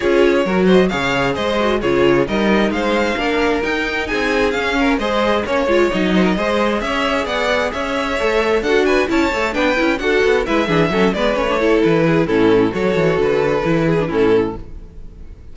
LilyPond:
<<
  \new Staff \with { instrumentName = "violin" } { \time 4/4 \tempo 4 = 132 cis''4. dis''8 f''4 dis''4 | cis''4 dis''4 f''2 | g''4 gis''4 f''4 dis''4 | cis''4 dis''2 e''4 |
fis''4 e''2 fis''8 gis''8 | a''4 g''4 fis''4 e''4~ | e''8 d''8 cis''4 b'4 a'4 | cis''4 b'2 a'4 | }
  \new Staff \with { instrumentName = "violin" } { \time 4/4 gis'4 ais'8 c''8 cis''4 c''4 | gis'4 ais'4 c''4 ais'4~ | ais'4 gis'4. ais'8 c''4 | cis''4. c''16 ais'16 c''4 cis''4 |
d''4 cis''2 a'8 b'8 | cis''4 b'4 a'4 b'8 gis'8 | a'8 b'4 a'4 gis'8 e'4 | a'2~ a'8 gis'8 e'4 | }
  \new Staff \with { instrumentName = "viola" } { \time 4/4 f'4 fis'4 gis'4. fis'8 | f'4 dis'2 d'4 | dis'2 cis'4 gis'4 | cis'8 f'8 dis'4 gis'2~ |
gis'2 a'4 fis'4 | e'8 a'8 d'8 e'8 fis'4 e'8 d'8 | cis'8 b8 cis'16 d'16 e'4. cis'4 | fis'2 e'8. d'16 cis'4 | }
  \new Staff \with { instrumentName = "cello" } { \time 4/4 cis'4 fis4 cis4 gis4 | cis4 g4 gis4 ais4 | dis'4 c'4 cis'4 gis4 | ais8 gis8 fis4 gis4 cis'4 |
b4 cis'4 a4 d'4 | cis'8 a8 b8 cis'8 d'8 b8 gis8 e8 | fis8 gis8 a4 e4 a,4 | fis8 e8 d4 e4 a,4 | }
>>